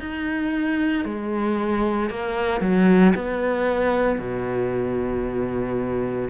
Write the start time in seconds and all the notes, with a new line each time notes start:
0.00 D#4
1.05 G#3
2.11 A#3
2.61 F#3
3.15 B3
4.19 B2